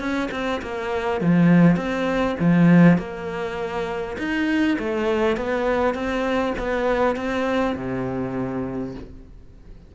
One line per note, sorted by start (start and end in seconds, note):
0.00 0.30 C#4
0.32 0.62 C4
0.62 1.22 A#3
1.22 1.77 F3
1.77 2.36 C4
2.40 2.98 F3
2.98 4.17 A#3
4.19 4.78 D#4
4.79 5.37 A3
5.37 5.95 B3
5.95 6.54 C4
6.59 7.17 B3
7.17 7.76 C4
7.76 8.95 C3